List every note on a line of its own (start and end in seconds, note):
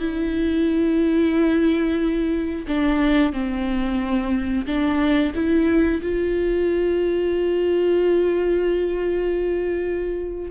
0.00 2.67 E4
2.68 3.33 D4
3.33 4.66 C4
4.67 5.33 D4
5.35 6.02 E4
6.03 10.51 F4